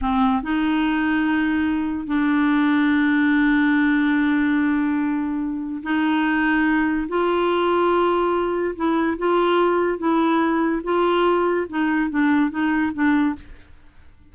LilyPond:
\new Staff \with { instrumentName = "clarinet" } { \time 4/4 \tempo 4 = 144 c'4 dis'2.~ | dis'4 d'2.~ | d'1~ | d'2 dis'2~ |
dis'4 f'2.~ | f'4 e'4 f'2 | e'2 f'2 | dis'4 d'4 dis'4 d'4 | }